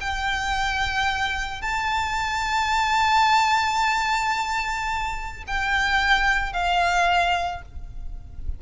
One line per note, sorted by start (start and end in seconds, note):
0.00 1.61 G5
1.61 5.43 A5
5.47 6.52 G5
6.52 7.61 F5